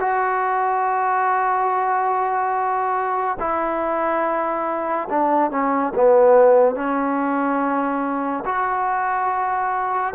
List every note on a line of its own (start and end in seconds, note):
0.00 3.38 F#4
3.40 5.09 E4
5.10 5.51 D4
5.51 5.93 C#4
5.95 6.75 B3
6.75 8.44 C#4
8.45 10.14 F#4